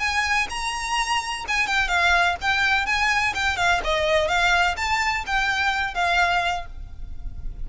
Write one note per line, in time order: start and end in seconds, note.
0.00 0.48 G#5
0.50 1.45 A#5
1.48 1.67 G#5
1.67 1.89 G5
1.89 2.36 F5
2.42 2.86 G5
2.86 3.34 G#5
3.35 3.57 G5
3.57 3.81 F5
3.84 4.28 D#5
4.28 4.76 F5
4.77 5.25 A5
5.27 5.95 G5
5.95 6.66 F5